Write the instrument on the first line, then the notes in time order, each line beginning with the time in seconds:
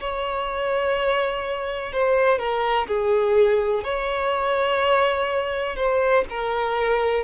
violin
0.00 C#5
1.92 C5
2.38 A#4
2.87 G#4
3.84 C#5
5.76 C5
6.29 A#4